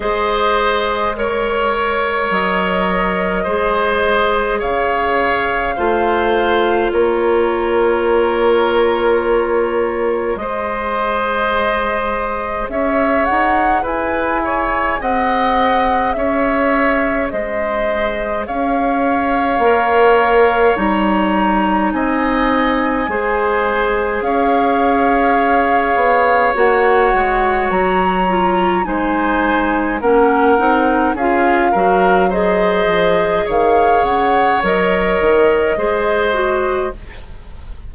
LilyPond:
<<
  \new Staff \with { instrumentName = "flute" } { \time 4/4 \tempo 4 = 52 dis''4 cis''4 dis''2 | f''2 cis''2~ | cis''4 dis''2 e''8 fis''8 | gis''4 fis''4 e''4 dis''4 |
f''2 ais''4 gis''4~ | gis''4 f''2 fis''4 | ais''4 gis''4 fis''4 f''4 | dis''4 f''8 fis''8 dis''2 | }
  \new Staff \with { instrumentName = "oboe" } { \time 4/4 c''4 cis''2 c''4 | cis''4 c''4 ais'2~ | ais'4 c''2 cis''4 | b'8 cis''8 dis''4 cis''4 c''4 |
cis''2. dis''4 | c''4 cis''2.~ | cis''4 c''4 ais'4 gis'8 ais'8 | c''4 cis''2 c''4 | }
  \new Staff \with { instrumentName = "clarinet" } { \time 4/4 gis'4 ais'2 gis'4~ | gis'4 f'2.~ | f'4 gis'2.~ | gis'1~ |
gis'4 ais'4 dis'2 | gis'2. fis'4~ | fis'8 f'8 dis'4 cis'8 dis'8 f'8 fis'8 | gis'2 ais'4 gis'8 fis'8 | }
  \new Staff \with { instrumentName = "bassoon" } { \time 4/4 gis2 fis4 gis4 | cis4 a4 ais2~ | ais4 gis2 cis'8 dis'8 | e'4 c'4 cis'4 gis4 |
cis'4 ais4 g4 c'4 | gis4 cis'4. b8 ais8 gis8 | fis4 gis4 ais8 c'8 cis'8 fis8~ | fis8 f8 dis8 cis8 fis8 dis8 gis4 | }
>>